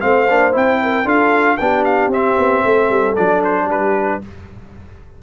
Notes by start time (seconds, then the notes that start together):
0.00 A3 C4 C5 F5
0.29 A#3 D4
0.52 C4 E4 G5
0.82 A#4
1.04 D4 F4 A4 F5
1.57 B3 D4 G4 G5
1.84 F5
2.07 C4 E5
2.37 B3
2.64 A3 A4
2.89 G3
3.15 F#3 D4 D5
3.43 C5
3.64 G3 G4 B4